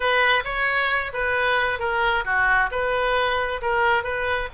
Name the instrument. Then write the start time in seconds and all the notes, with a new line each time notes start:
oboe
0.00 B4
0.44 C#5
1.13 B4
1.79 A#4
2.25 F#4
2.71 B4
3.61 A#4
4.03 B4